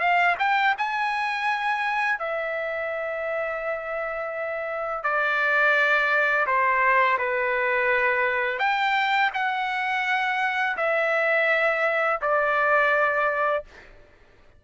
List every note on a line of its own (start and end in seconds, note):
0.00 0.36 F5
0.39 0.75 G5
0.78 2.19 G#5
2.19 5.04 E5
5.04 6.47 D5
6.47 7.18 C5
7.19 8.59 B4
8.59 9.31 G5
9.34 10.77 F#5
10.77 12.20 E5
12.21 13.64 D5